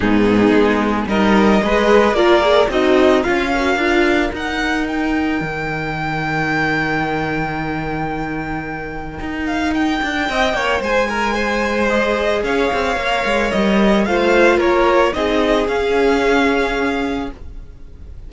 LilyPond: <<
  \new Staff \with { instrumentName = "violin" } { \time 4/4 \tempo 4 = 111 gis'2 dis''2 | d''4 dis''4 f''2 | fis''4 g''2.~ | g''1~ |
g''4. f''8 g''2 | gis''2 dis''4 f''4~ | f''4 dis''4 f''4 cis''4 | dis''4 f''2. | }
  \new Staff \with { instrumentName = "violin" } { \time 4/4 dis'2 ais'4 b'4 | ais'4 dis'4 f'8 ais'4.~ | ais'1~ | ais'1~ |
ais'2. dis''8 cis''8 | c''8 ais'8 c''2 cis''4~ | cis''2 c''4 ais'4 | gis'1 | }
  \new Staff \with { instrumentName = "viola" } { \time 4/4 b2 dis'4 gis'4 | f'8 gis'8 fis'4 f'8 fis'8 f'4 | dis'1~ | dis'1~ |
dis'1~ | dis'2 gis'2 | ais'2 f'2 | dis'4 cis'2. | }
  \new Staff \with { instrumentName = "cello" } { \time 4/4 gis,4 gis4 g4 gis4 | ais4 c'4 cis'4 d'4 | dis'2 dis2~ | dis1~ |
dis4 dis'4. d'8 c'8 ais8 | gis2. cis'8 c'8 | ais8 gis8 g4 a4 ais4 | c'4 cis'2. | }
>>